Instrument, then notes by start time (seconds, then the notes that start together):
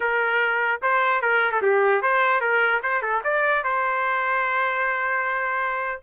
trumpet
0.00 A#4
0.82 C5
1.21 A#4
1.51 A4
1.62 G4
2.02 C5
2.40 A#4
2.82 C5
3.01 A4
3.23 D5
3.64 C5